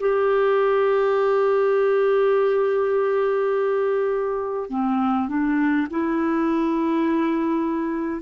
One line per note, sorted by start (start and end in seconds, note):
0.00 4.70 G4
4.70 5.28 C4
5.28 5.87 D4
5.90 8.21 E4